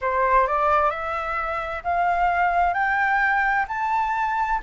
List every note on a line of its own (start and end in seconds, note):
0.01 0.47 C5
0.47 0.90 D5
0.90 1.83 E5
1.83 2.73 F5
2.73 3.65 G5
3.68 4.60 A5